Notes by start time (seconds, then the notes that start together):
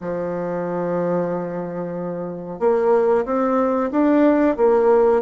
0.01 F3
2.59 A#3
3.25 C4
3.91 D4
4.57 A#3